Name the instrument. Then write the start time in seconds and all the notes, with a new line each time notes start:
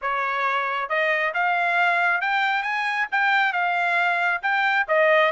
trumpet
0.01 C#5
0.89 D#5
1.34 F5
2.21 G5
2.62 G#5
3.11 G5
3.53 F5
4.42 G5
4.88 D#5